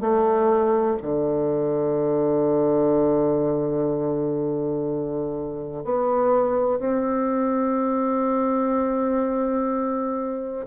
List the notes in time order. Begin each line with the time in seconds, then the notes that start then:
0.00 A3
1.02 D3
5.84 B3
6.79 C4